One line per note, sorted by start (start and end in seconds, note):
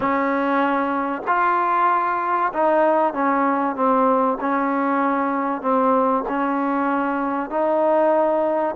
0.00 1.22 C#4
1.27 2.52 F4
2.53 3.13 D#4
3.13 3.75 C#4
3.75 4.38 C4
4.40 5.61 C#4
5.61 6.24 C4
6.28 7.50 C#4
7.50 8.75 D#4